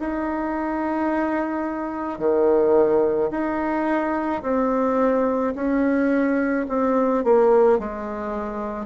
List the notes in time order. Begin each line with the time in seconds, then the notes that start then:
0.00 D#4
2.19 D#3
3.31 D#4
4.43 C4
5.56 C#4
6.69 C4
7.24 A#3
7.79 G#3